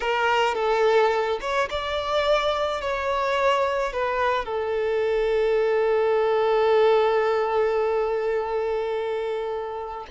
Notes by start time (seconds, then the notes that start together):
0.00 A#4
0.55 A4
1.40 C#5
1.70 D5
2.81 C#5
3.93 B4
4.45 A4